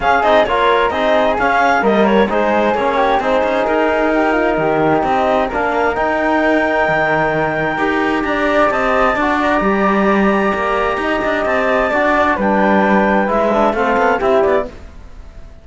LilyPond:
<<
  \new Staff \with { instrumentName = "clarinet" } { \time 4/4 \tempo 4 = 131 f''8 dis''8 cis''4 dis''4 f''4 | dis''8 cis''8 c''4 cis''4 c''4 | ais'2. dis''4 | f''4 g''2.~ |
g''2 ais''4 a''4~ | a''8 ais''2.~ ais''8~ | ais''4 a''2 g''4~ | g''4 e''4 f''4 e''8 d''8 | }
  \new Staff \with { instrumentName = "flute" } { \time 4/4 gis'4 ais'4 gis'2 | ais'4 gis'4. g'8 gis'4~ | gis'4 g'8 f'8 g'2 | ais'1~ |
ais'2 d''4 dis''4 | d''1 | dis''2 d''4 b'4~ | b'2 a'4 g'4 | }
  \new Staff \with { instrumentName = "trombone" } { \time 4/4 cis'8 dis'8 f'4 dis'4 cis'4 | ais4 dis'4 cis'4 dis'4~ | dis'1 | d'4 dis'2.~ |
dis'4 g'2. | fis'4 g'2.~ | g'2 fis'4 d'4~ | d'4 e'8 d'8 c'4 e'4 | }
  \new Staff \with { instrumentName = "cello" } { \time 4/4 cis'8 c'8 ais4 c'4 cis'4 | g4 gis4 ais4 c'8 cis'8 | dis'2 dis4 c'4 | ais4 dis'2 dis4~ |
dis4 dis'4 d'4 c'4 | d'4 g2 ais4 | dis'8 d'8 c'4 d'4 g4~ | g4 gis4 a8 b8 c'8 b8 | }
>>